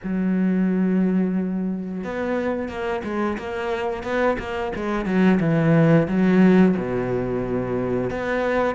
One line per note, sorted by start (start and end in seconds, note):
0.03 2.04 F#3
2.04 2.68 B3
2.68 3.02 A#3
3.04 3.37 G#3
3.38 4.03 A#3
4.03 4.37 B3
4.38 4.72 A#3
4.75 5.05 G#3
5.05 5.39 F#3
5.40 6.07 E3
6.08 6.75 F#3
6.77 8.10 B2
8.10 8.75 B3